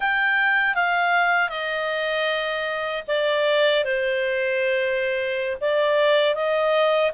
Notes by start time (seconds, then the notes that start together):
0.00 G5
0.74 F5
1.49 D#5
3.07 D5
3.84 C5
5.60 D5
6.34 D#5